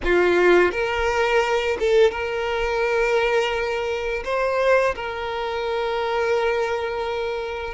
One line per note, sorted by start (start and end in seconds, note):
0.04 0.71 F4
0.71 1.77 A#4
1.79 2.11 A4
2.11 4.23 A#4
4.24 4.94 C5
4.95 7.74 A#4